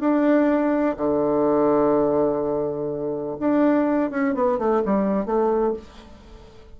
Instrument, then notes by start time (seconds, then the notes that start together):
bassoon
0.00 D4
0.97 D3
3.40 D4
4.11 C#4
4.34 B3
4.58 A3
4.85 G3
5.26 A3